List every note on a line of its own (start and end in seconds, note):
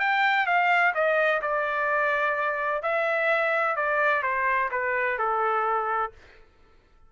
0.00 0.47 G5
0.47 0.94 F5
0.95 1.41 D#5
1.42 2.83 D5
2.83 3.76 E5
3.76 4.23 D5
4.23 4.70 C5
4.72 5.18 B4
5.19 6.12 A4